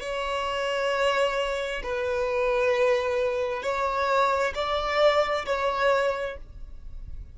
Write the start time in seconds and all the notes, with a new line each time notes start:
0.00 C#5
1.83 B4
3.62 C#5
4.55 D5
5.45 C#5